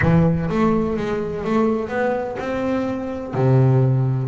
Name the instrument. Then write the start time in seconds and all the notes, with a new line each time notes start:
double bass
0.01 E3
0.49 A3
0.97 G#3
1.44 A3
1.89 B3
2.39 C4
3.34 C3